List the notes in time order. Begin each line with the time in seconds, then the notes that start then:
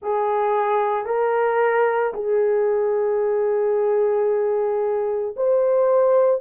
0.02 G#4
1.05 A#4
2.13 G#4
5.36 C5